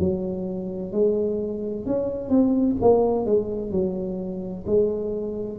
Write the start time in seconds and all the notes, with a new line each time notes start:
0.00 F#3
0.92 G#3
1.87 C#4
2.30 C4
2.82 A#3
3.26 G#3
3.72 F#3
4.67 G#3